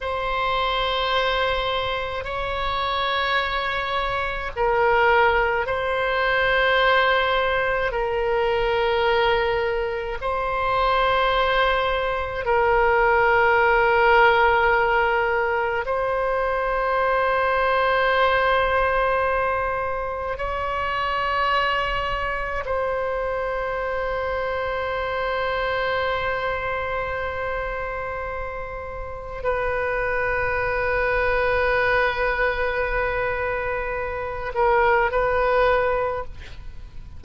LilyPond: \new Staff \with { instrumentName = "oboe" } { \time 4/4 \tempo 4 = 53 c''2 cis''2 | ais'4 c''2 ais'4~ | ais'4 c''2 ais'4~ | ais'2 c''2~ |
c''2 cis''2 | c''1~ | c''2 b'2~ | b'2~ b'8 ais'8 b'4 | }